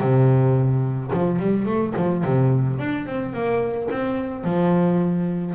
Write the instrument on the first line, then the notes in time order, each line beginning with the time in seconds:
double bass
0.00 C3
1.13 F3
1.39 G3
1.65 A3
1.96 F3
2.24 C3
2.79 D4
3.06 C4
3.33 A#3
3.91 C4
4.44 F3